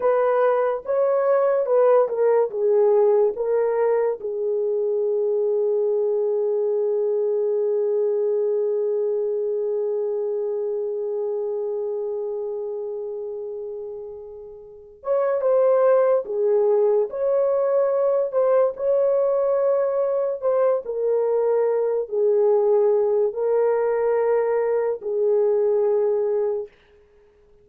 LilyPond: \new Staff \with { instrumentName = "horn" } { \time 4/4 \tempo 4 = 72 b'4 cis''4 b'8 ais'8 gis'4 | ais'4 gis'2.~ | gis'1~ | gis'1~ |
gis'2 cis''8 c''4 gis'8~ | gis'8 cis''4. c''8 cis''4.~ | cis''8 c''8 ais'4. gis'4. | ais'2 gis'2 | }